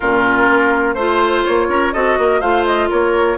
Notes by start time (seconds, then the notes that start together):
0.00 A#2 C#4 F4 A#4
0.49 A#3
0.93 A3 F4 C5
1.45 A#3 C#5
1.68 C#4 A#4
1.93 C4 F#4 A4 D#5
2.17 A#3 A#4
2.40 A3 F4 C5 F5
2.65 D#5
2.89 A#3 A#4 C#5